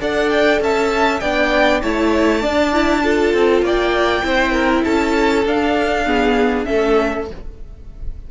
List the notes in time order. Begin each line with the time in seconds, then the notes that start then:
0.00 D4 A4 D5 F#5
0.30 G5
0.61 C#4 E5 A5
1.20 B3 D4 D5 G5
1.82 A3 E4 C#5 A5
2.41 D4 D5
2.72 E4
3.03 F4 A4
3.34 C4
3.62 A#3 D5 G5
4.23 C4 E4 C5
4.52 A#4
4.84 C#4 A4 A5
5.45 D4 F5
6.06 B3 G#4
6.65 A3 C#4 A4 E5